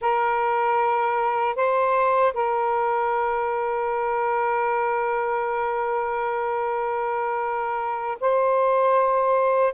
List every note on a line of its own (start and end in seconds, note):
0.01 1.55 A#4
1.55 2.33 C5
2.33 8.17 A#4
8.20 9.73 C5